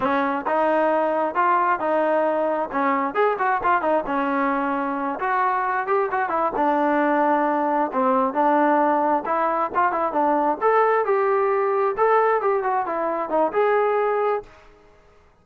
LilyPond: \new Staff \with { instrumentName = "trombone" } { \time 4/4 \tempo 4 = 133 cis'4 dis'2 f'4 | dis'2 cis'4 gis'8 fis'8 | f'8 dis'8 cis'2~ cis'8 fis'8~ | fis'4 g'8 fis'8 e'8 d'4.~ |
d'4. c'4 d'4.~ | d'8 e'4 f'8 e'8 d'4 a'8~ | a'8 g'2 a'4 g'8 | fis'8 e'4 dis'8 gis'2 | }